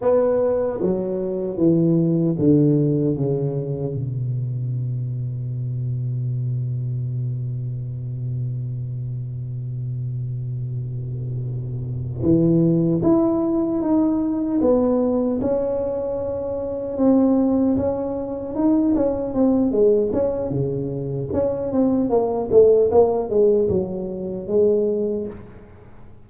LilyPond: \new Staff \with { instrumentName = "tuba" } { \time 4/4 \tempo 4 = 76 b4 fis4 e4 d4 | cis4 b,2.~ | b,1~ | b,2.~ b,8 e8~ |
e8 e'4 dis'4 b4 cis'8~ | cis'4. c'4 cis'4 dis'8 | cis'8 c'8 gis8 cis'8 cis4 cis'8 c'8 | ais8 a8 ais8 gis8 fis4 gis4 | }